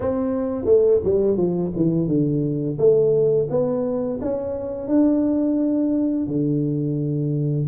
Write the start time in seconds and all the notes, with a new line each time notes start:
0.00 C4
0.65 A3
1.04 G3
1.36 F3
1.76 E3
2.07 D3
2.78 A3
3.50 B3
4.21 C#4
4.87 D4
6.27 D3